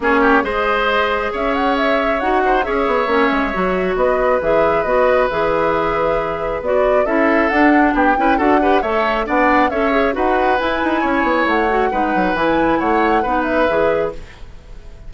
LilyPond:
<<
  \new Staff \with { instrumentName = "flute" } { \time 4/4 \tempo 4 = 136 cis''4 dis''2 e''8 fis''8 | e''4 fis''4 e''2~ | e''4 dis''4 e''4 dis''4 | e''2. d''4 |
e''4 fis''4 g''4 fis''4 | e''4 fis''4 e''4 fis''4 | gis''2 fis''2 | gis''4 fis''4. e''4. | }
  \new Staff \with { instrumentName = "oboe" } { \time 4/4 gis'8 g'8 c''2 cis''4~ | cis''4. c''8 cis''2~ | cis''4 b'2.~ | b'1 |
a'2 g'8 b'8 a'8 b'8 | cis''4 d''4 cis''4 b'4~ | b'4 cis''2 b'4~ | b'4 cis''4 b'2 | }
  \new Staff \with { instrumentName = "clarinet" } { \time 4/4 cis'4 gis'2.~ | gis'4 fis'4 gis'4 cis'4 | fis'2 gis'4 fis'4 | gis'2. fis'4 |
e'4 d'4. e'8 fis'8 g'8 | a'4 d'4 a'8 gis'8 fis'4 | e'2~ e'8 fis'8 dis'4 | e'2 dis'4 gis'4 | }
  \new Staff \with { instrumentName = "bassoon" } { \time 4/4 ais4 gis2 cis'4~ | cis'4 dis'4 cis'8 b8 ais8 gis8 | fis4 b4 e4 b4 | e2. b4 |
cis'4 d'4 b8 cis'8 d'4 | a4 b4 cis'4 dis'4 | e'8 dis'8 cis'8 b8 a4 gis8 fis8 | e4 a4 b4 e4 | }
>>